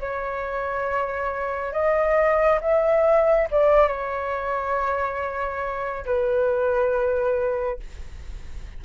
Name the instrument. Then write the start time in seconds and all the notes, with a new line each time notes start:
flute
0.00 C#5
1.73 D#5
2.61 E5
3.51 D5
3.88 C#5
6.06 B4